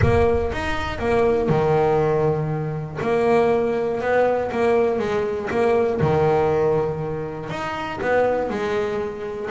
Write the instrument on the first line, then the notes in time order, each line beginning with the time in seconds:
double bass
0.01 A#3
0.52 D#4
0.98 A#3
1.48 D#3
3.00 A#3
4.00 B3
4.51 A#3
4.99 G#3
5.50 A#3
6.00 D#3
7.49 D#4
8.01 B3
8.49 G#3